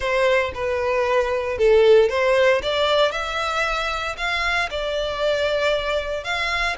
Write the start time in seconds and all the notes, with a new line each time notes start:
0.00 C5
0.54 B4
1.57 A4
2.09 C5
2.62 D5
3.11 E5
4.17 F5
4.70 D5
6.23 F5